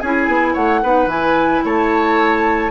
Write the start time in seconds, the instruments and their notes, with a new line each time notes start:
0.00 bassoon C#4, clarinet E4, oboe G#4, flute G#5
0.27 bassoon B3
0.53 bassoon A3, oboe C#5, flute F#5
0.83 bassoon B3, clarinet D#4, oboe B4
1.06 bassoon E3, clarinet E4, flute G#5
1.64 bassoon A3, oboe C#5, flute A5